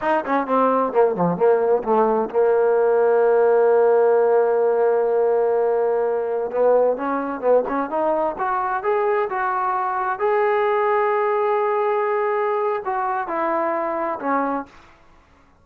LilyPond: \new Staff \with { instrumentName = "trombone" } { \time 4/4 \tempo 4 = 131 dis'8 cis'8 c'4 ais8 f8 ais4 | a4 ais2.~ | ais1~ | ais2~ ais16 b4 cis'8.~ |
cis'16 b8 cis'8 dis'4 fis'4 gis'8.~ | gis'16 fis'2 gis'4.~ gis'16~ | gis'1 | fis'4 e'2 cis'4 | }